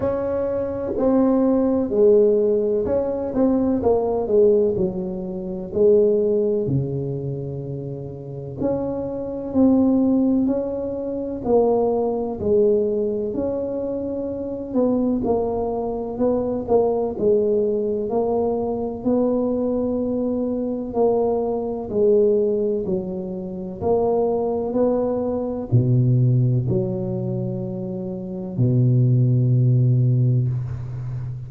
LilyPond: \new Staff \with { instrumentName = "tuba" } { \time 4/4 \tempo 4 = 63 cis'4 c'4 gis4 cis'8 c'8 | ais8 gis8 fis4 gis4 cis4~ | cis4 cis'4 c'4 cis'4 | ais4 gis4 cis'4. b8 |
ais4 b8 ais8 gis4 ais4 | b2 ais4 gis4 | fis4 ais4 b4 b,4 | fis2 b,2 | }